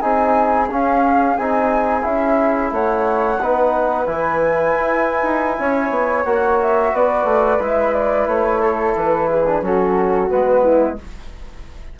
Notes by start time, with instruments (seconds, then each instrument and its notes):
0.00 bassoon C4, trombone D#4, flute G#4 G#5
0.69 bassoon C#4, trombone C#4, flute F5
1.37 bassoon C4, trombone D#4, flute G#5
2.02 bassoon C#4, trombone E4, flute E5
2.71 bassoon A3, flute C#5 F#5
3.39 bassoon B3, trombone D#4, flute B4
4.06 bassoon E3, trombone E4, flute G#5
4.75 bassoon E4
5.23 bassoon D#4
5.59 bassoon C#4, flute C#5
5.90 bassoon B3
6.24 bassoon A#3, trombone F#4, flute F#5
6.61 flute E5
6.92 bassoon B3, flute B4 D5
7.24 bassoon A3
7.59 bassoon G#3, trombone E4, flute E5
7.93 flute D5
8.27 bassoon A3, flute C#5
8.61 flute A4
8.95 bassoon E3, flute B4
9.28 flute G#4
9.46 trombone D4
9.61 bassoon F#3, trombone C#4, flute F#4 A4
10.29 bassoon G#3, trombone B3, flute B4
10.63 flute E4